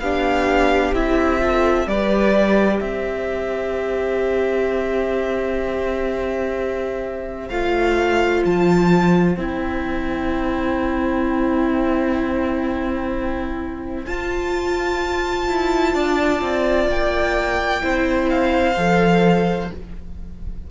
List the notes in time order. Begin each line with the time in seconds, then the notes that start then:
0.00 B3 D4 G4 F5
0.93 C4 E4 E5
1.40 F4 A4
1.87 G3 G4 B4 D5
2.80 C4 C5 E5
7.49 A3 F4 F5
8.46 F3 A5
9.37 C4 E4 G5
14.06 F4 A5
15.48 E4
15.95 D4 D5
16.41 C4
16.88 A#3 G5
17.81 C4 E4 C5
18.30 F5
18.77 F3 A4